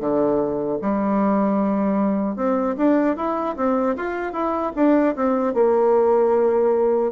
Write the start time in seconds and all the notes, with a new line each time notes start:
0.00 D3
0.82 G3
2.36 C4
2.77 D4
3.17 E4
3.57 C4
3.97 F4
4.33 E4
4.76 D4
5.16 C4
5.54 A#3